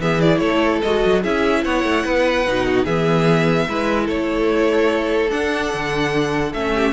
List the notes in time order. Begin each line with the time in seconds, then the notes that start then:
0.00 E3 B3 G#4 E5
0.21 E4 D5
0.39 A3 A4 C#5
0.82 G#3 F#4 D#5
1.05 F#3
1.22 C#4 E4 G#4 E5
1.65 B3 C#5 F#5
1.84 A3
2.05 B3 B4
2.47 B2 D#4
2.66 F#4
2.84 E3 B3 G#4 E5
3.69 G#3 E4 B4
4.06 A3 A4 C#5
5.30 D4 F#5
5.74 D3
6.54 A3 C#4 E5
6.75 G4